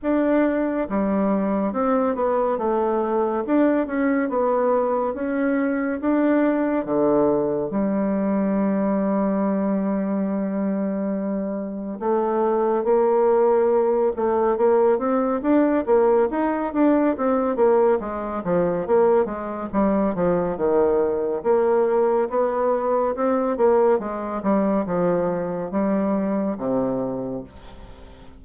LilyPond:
\new Staff \with { instrumentName = "bassoon" } { \time 4/4 \tempo 4 = 70 d'4 g4 c'8 b8 a4 | d'8 cis'8 b4 cis'4 d'4 | d4 g2.~ | g2 a4 ais4~ |
ais8 a8 ais8 c'8 d'8 ais8 dis'8 d'8 | c'8 ais8 gis8 f8 ais8 gis8 g8 f8 | dis4 ais4 b4 c'8 ais8 | gis8 g8 f4 g4 c4 | }